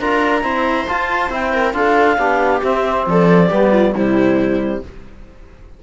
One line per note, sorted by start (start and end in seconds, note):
0.00 0.44 D4
0.00 0.42 F4
0.00 0.45 A#4
0.00 0.88 A#5
0.42 0.86 C4
0.42 0.87 E4
0.42 1.54 C5
0.88 1.31 F4
0.88 1.30 F4
0.88 1.32 A5
1.30 1.74 C4
1.30 1.74 E4
1.30 1.74 G5
1.54 1.75 A#4
1.74 2.18 D4
1.74 2.18 F4
1.74 2.19 A4
1.74 2.61 F5
2.18 2.62 B3
2.18 2.62 D4
2.18 3.07 G4
2.63 3.51 C4
2.63 3.07 C4
2.63 3.07 E5
3.07 3.51 F3
3.07 3.49 A4
3.07 3.96 D5
3.49 3.95 G3
3.49 3.94 B3
3.49 3.71 G4
3.72 3.94 F4
3.95 4.83 C3
3.95 4.84 G3
3.95 4.83 E4
3.95 4.84 C5